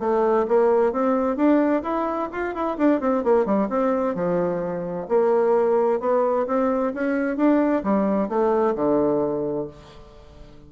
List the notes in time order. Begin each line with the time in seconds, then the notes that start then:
0.00 A3
0.48 A#3
0.93 C4
1.37 D4
1.83 E4
2.32 F4
2.55 E4
2.78 D4
3.01 C4
3.24 A#3
3.46 G3
3.69 C4
4.15 F3
5.09 A#3
6.00 B3
6.47 C4
6.94 C#4
7.37 D4
7.84 G3
8.29 A3
8.75 D3